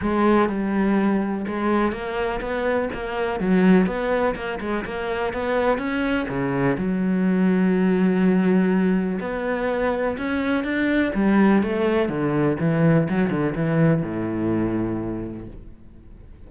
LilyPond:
\new Staff \with { instrumentName = "cello" } { \time 4/4 \tempo 4 = 124 gis4 g2 gis4 | ais4 b4 ais4 fis4 | b4 ais8 gis8 ais4 b4 | cis'4 cis4 fis2~ |
fis2. b4~ | b4 cis'4 d'4 g4 | a4 d4 e4 fis8 d8 | e4 a,2. | }